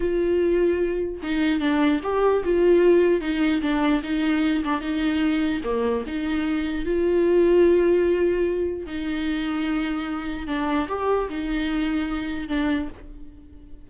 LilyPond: \new Staff \with { instrumentName = "viola" } { \time 4/4 \tempo 4 = 149 f'2. dis'4 | d'4 g'4 f'2 | dis'4 d'4 dis'4. d'8 | dis'2 ais4 dis'4~ |
dis'4 f'2.~ | f'2 dis'2~ | dis'2 d'4 g'4 | dis'2. d'4 | }